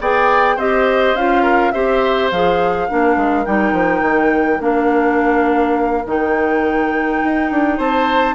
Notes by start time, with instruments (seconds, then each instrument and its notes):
0.00 bassoon B3, clarinet G#4, oboe D5, flute G5
0.56 bassoon C4, clarinet G4, oboe C5, flute D#5
1.14 bassoon C#4, clarinet F4, flute F5
1.43 oboe A#4
1.71 bassoon C4, clarinet G4, oboe C5, flute E5
2.31 bassoon F3, clarinet G#4, flute F5
2.88 bassoon A#3, clarinet D4, oboe A#4
3.16 bassoon G#3
3.45 bassoon G3, clarinet D#4, flute G5
3.72 bassoon F3
4.02 bassoon D#3
4.59 bassoon A#3, clarinet D4, flute F5
6.06 bassoon D#3, clarinet D#4, flute G5
7.24 bassoon D#4
7.51 bassoon D4
7.77 bassoon C4, oboe C5, flute A5